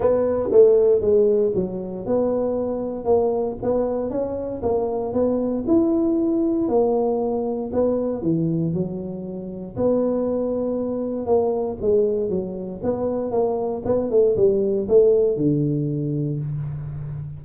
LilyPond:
\new Staff \with { instrumentName = "tuba" } { \time 4/4 \tempo 4 = 117 b4 a4 gis4 fis4 | b2 ais4 b4 | cis'4 ais4 b4 e'4~ | e'4 ais2 b4 |
e4 fis2 b4~ | b2 ais4 gis4 | fis4 b4 ais4 b8 a8 | g4 a4 d2 | }